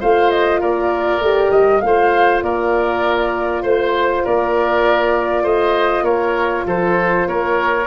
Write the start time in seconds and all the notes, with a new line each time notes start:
0.00 A3 F4 C5 F5
0.30 D#5
0.60 A#3 A#4 D5
1.20 A3 G4
1.51 G3 D#5
1.81 A3 F4 C5 F5
2.42 A#3 A#4 D5
3.62 A3 C5
4.24 A#3 A#4 D5
5.43 A3 C5 D#5
6.02 A#3 A#4 C#5
6.66 F3 A4 C5
7.28 A#3 A#4 C#5